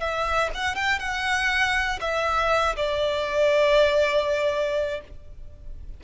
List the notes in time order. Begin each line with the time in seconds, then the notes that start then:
0.00 E5
0.55 F#5
0.75 G5
1.00 F#5
2.01 E5
2.76 D5